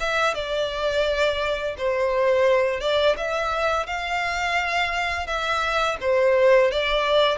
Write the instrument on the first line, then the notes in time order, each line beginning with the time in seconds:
violin
0.00 E5
0.34 D5
1.77 C5
2.80 D5
3.17 E5
3.86 F5
5.27 E5
6.01 C5
6.71 D5